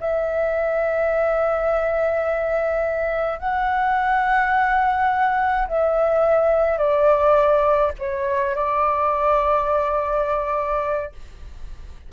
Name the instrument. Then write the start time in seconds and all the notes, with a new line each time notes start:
flute
0.00 E5
3.39 F#5
5.68 E5
6.78 D5
7.99 C#5
8.55 D5